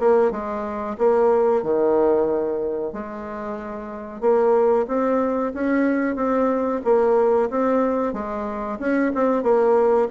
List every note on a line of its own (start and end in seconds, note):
0.00 0.31 A#3
0.31 0.97 G#3
0.98 1.63 A#3
1.63 2.93 D#3
2.93 4.21 G#3
4.21 4.86 A#3
4.88 5.53 C4
5.54 6.16 C#4
6.16 6.81 C4
6.85 7.50 A#3
7.50 8.14 C4
8.14 8.79 G#3
8.80 9.12 C#4
9.15 9.43 C4
9.43 10.08 A#3